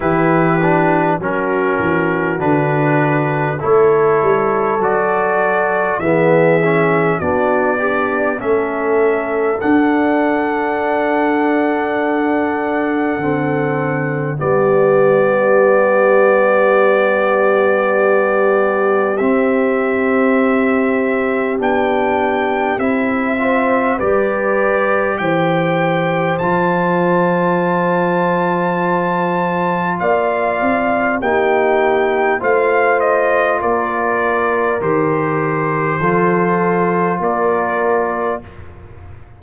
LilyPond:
<<
  \new Staff \with { instrumentName = "trumpet" } { \time 4/4 \tempo 4 = 50 b'4 ais'4 b'4 cis''4 | d''4 e''4 d''4 e''4 | fis''1 | d''1 |
e''2 g''4 e''4 | d''4 g''4 a''2~ | a''4 f''4 g''4 f''8 dis''8 | d''4 c''2 d''4 | }
  \new Staff \with { instrumentName = "horn" } { \time 4/4 g'4 fis'2 a'4~ | a'4 gis'4 fis'8 d'8 a'4~ | a'1 | g'1~ |
g'2.~ g'8 c''8 | b'4 c''2.~ | c''4 d''4 g'4 c''4 | ais'2 a'4 ais'4 | }
  \new Staff \with { instrumentName = "trombone" } { \time 4/4 e'8 d'8 cis'4 d'4 e'4 | fis'4 b8 cis'8 d'8 g'8 cis'4 | d'2. c'4 | b1 |
c'2 d'4 e'8 f'8 | g'2 f'2~ | f'2 dis'4 f'4~ | f'4 g'4 f'2 | }
  \new Staff \with { instrumentName = "tuba" } { \time 4/4 e4 fis8 e8 d4 a8 g8 | fis4 e4 b4 a4 | d'2. d4 | g1 |
c'2 b4 c'4 | g4 e4 f2~ | f4 ais8 c'8 ais4 a4 | ais4 dis4 f4 ais4 | }
>>